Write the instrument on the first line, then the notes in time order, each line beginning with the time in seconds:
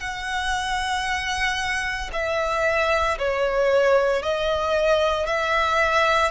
violin
0.00 F#5
2.12 E5
3.18 C#5
4.22 D#5
5.26 E5